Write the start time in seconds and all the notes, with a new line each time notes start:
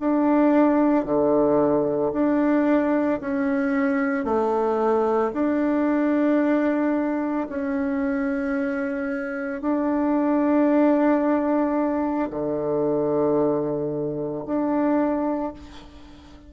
0.00 D4
1.05 D3
2.13 D4
3.21 C#4
4.25 A3
5.33 D4
7.49 C#4
9.61 D4
12.31 D3
14.46 D4